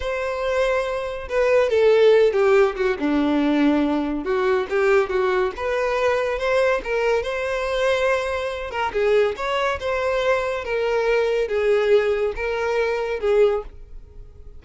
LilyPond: \new Staff \with { instrumentName = "violin" } { \time 4/4 \tempo 4 = 141 c''2. b'4 | a'4. g'4 fis'8 d'4~ | d'2 fis'4 g'4 | fis'4 b'2 c''4 |
ais'4 c''2.~ | c''8 ais'8 gis'4 cis''4 c''4~ | c''4 ais'2 gis'4~ | gis'4 ais'2 gis'4 | }